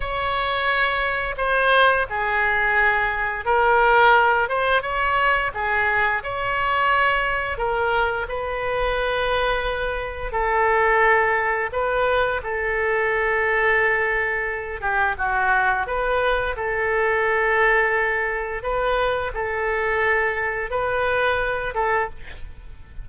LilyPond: \new Staff \with { instrumentName = "oboe" } { \time 4/4 \tempo 4 = 87 cis''2 c''4 gis'4~ | gis'4 ais'4. c''8 cis''4 | gis'4 cis''2 ais'4 | b'2. a'4~ |
a'4 b'4 a'2~ | a'4. g'8 fis'4 b'4 | a'2. b'4 | a'2 b'4. a'8 | }